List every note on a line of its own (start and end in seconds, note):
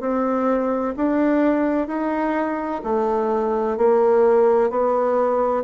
0.00 0.94 C4
0.96 1.87 D4
1.87 2.81 D#4
2.83 3.77 A3
3.77 4.70 A#3
4.70 5.63 B3